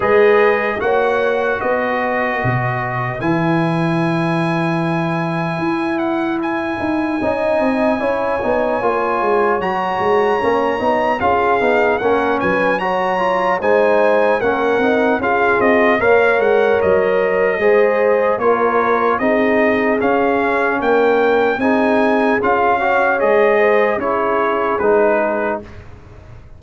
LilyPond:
<<
  \new Staff \with { instrumentName = "trumpet" } { \time 4/4 \tempo 4 = 75 dis''4 fis''4 dis''2 | gis''2.~ gis''8 fis''8 | gis''1 | ais''2 f''4 fis''8 gis''8 |
ais''4 gis''4 fis''4 f''8 dis''8 | f''8 fis''8 dis''2 cis''4 | dis''4 f''4 g''4 gis''4 | f''4 dis''4 cis''4 b'4 | }
  \new Staff \with { instrumentName = "horn" } { \time 4/4 b'4 cis''4 b'2~ | b'1~ | b'4 dis''4 cis''2~ | cis''2 gis'4 ais'8 b'8 |
cis''4 c''4 ais'4 gis'4 | cis''2 c''4 ais'4 | gis'2 ais'4 gis'4~ | gis'8 cis''4 c''8 gis'2 | }
  \new Staff \with { instrumentName = "trombone" } { \time 4/4 gis'4 fis'2. | e'1~ | e'4 dis'4 e'8 dis'8 f'4 | fis'4 cis'8 dis'8 f'8 dis'8 cis'4 |
fis'8 f'8 dis'4 cis'8 dis'8 f'4 | ais'2 gis'4 f'4 | dis'4 cis'2 dis'4 | f'8 fis'8 gis'4 e'4 dis'4 | }
  \new Staff \with { instrumentName = "tuba" } { \time 4/4 gis4 ais4 b4 b,4 | e2. e'4~ | e'8 dis'8 cis'8 c'8 cis'8 b8 ais8 gis8 | fis8 gis8 ais8 b8 cis'8 b8 ais8 fis8~ |
fis4 gis4 ais8 c'8 cis'8 c'8 | ais8 gis8 fis4 gis4 ais4 | c'4 cis'4 ais4 c'4 | cis'4 gis4 cis'4 gis4 | }
>>